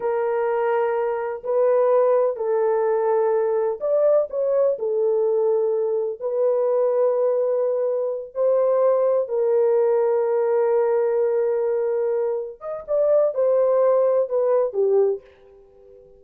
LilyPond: \new Staff \with { instrumentName = "horn" } { \time 4/4 \tempo 4 = 126 ais'2. b'4~ | b'4 a'2. | d''4 cis''4 a'2~ | a'4 b'2.~ |
b'4. c''2 ais'8~ | ais'1~ | ais'2~ ais'8 dis''8 d''4 | c''2 b'4 g'4 | }